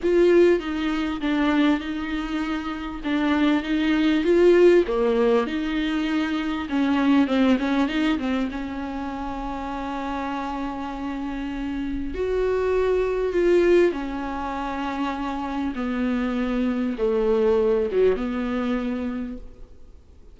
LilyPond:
\new Staff \with { instrumentName = "viola" } { \time 4/4 \tempo 4 = 99 f'4 dis'4 d'4 dis'4~ | dis'4 d'4 dis'4 f'4 | ais4 dis'2 cis'4 | c'8 cis'8 dis'8 c'8 cis'2~ |
cis'1 | fis'2 f'4 cis'4~ | cis'2 b2 | a4. fis8 b2 | }